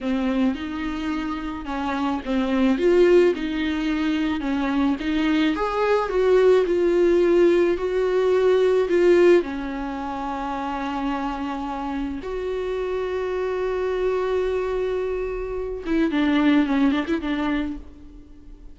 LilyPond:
\new Staff \with { instrumentName = "viola" } { \time 4/4 \tempo 4 = 108 c'4 dis'2 cis'4 | c'4 f'4 dis'2 | cis'4 dis'4 gis'4 fis'4 | f'2 fis'2 |
f'4 cis'2.~ | cis'2 fis'2~ | fis'1~ | fis'8 e'8 d'4 cis'8 d'16 e'16 d'4 | }